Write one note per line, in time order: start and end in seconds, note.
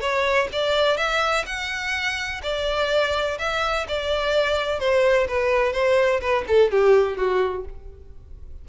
0.00 0.48 C#5
0.52 0.97 D5
0.97 1.44 E5
1.45 2.41 F#5
2.42 3.38 D5
3.38 3.86 E5
3.88 4.79 D5
4.79 5.27 C5
5.27 5.72 B4
5.72 6.20 C5
6.20 6.44 B4
6.47 6.71 A4
6.71 7.17 G4
7.17 7.65 F#4